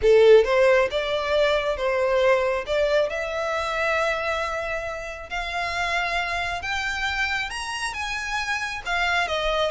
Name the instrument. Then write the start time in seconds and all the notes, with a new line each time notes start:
violin
0.01 A4
0.44 C5
0.90 D5
1.76 C5
2.66 D5
3.09 E5
5.29 F5
6.62 G5
7.50 A#5
7.93 G#5
8.85 F5
9.27 D#5